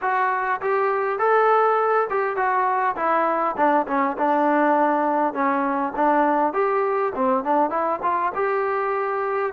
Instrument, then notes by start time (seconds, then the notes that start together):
trombone
0.01 F#4
0.61 G4
1.19 A4
2.10 G4
2.36 F#4
2.96 E4
3.56 D4
3.87 C#4
4.17 D4
5.33 C#4
5.95 D4
6.53 G4
7.15 C4
7.44 D4
7.70 E4
8.02 F4
8.34 G4